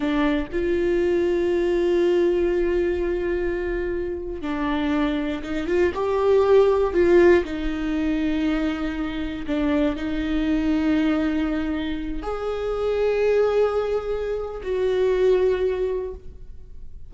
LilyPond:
\new Staff \with { instrumentName = "viola" } { \time 4/4 \tempo 4 = 119 d'4 f'2.~ | f'1~ | f'8. d'2 dis'8 f'8 g'16~ | g'4.~ g'16 f'4 dis'4~ dis'16~ |
dis'2~ dis'8. d'4 dis'16~ | dis'1~ | dis'16 gis'2.~ gis'8.~ | gis'4 fis'2. | }